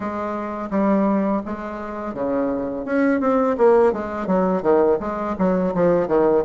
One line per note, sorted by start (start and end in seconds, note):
0.00 0.69 G#3
0.70 1.42 G3
1.45 2.14 G#3
2.14 2.85 C#3
2.85 3.20 C#4
3.20 3.56 C4
3.57 3.93 A#3
3.93 4.26 G#3
4.26 4.62 F#3
4.62 4.98 D#3
5.00 5.35 G#3
5.38 5.74 F#3
5.74 6.07 F3
6.07 6.43 D#3